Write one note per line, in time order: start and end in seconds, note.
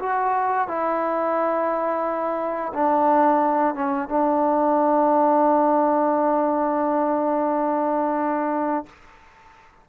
0.00 0.68 F#4
0.68 2.73 E4
2.74 3.75 D4
3.75 4.09 C#4
4.09 8.86 D4